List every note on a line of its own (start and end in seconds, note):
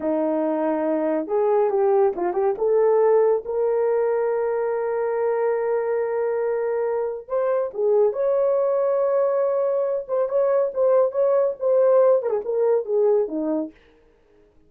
0.00 1.27 D#4
1.27 1.69 G#4
1.69 2.12 G4
2.16 2.33 F4
2.33 2.54 G4
2.58 3.43 A4
3.45 7.28 A#4
7.28 7.70 C5
7.73 8.13 G#4
8.13 10.05 C#5
10.08 10.28 C5
10.28 10.71 C#5
10.74 11.11 C5
11.11 11.54 C#5
11.59 12.22 C5
12.22 12.29 A#4
12.29 12.40 G#4
12.44 12.85 A#4
12.85 13.28 G#4
13.28 13.70 D#4